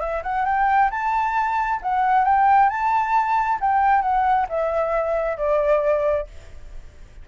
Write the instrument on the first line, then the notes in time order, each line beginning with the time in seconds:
flute
0.00 E5
0.23 F#5
0.45 G5
0.90 A5
1.82 F#5
2.24 G5
2.69 A5
3.60 G5
4.01 F#5
4.49 E5
5.37 D5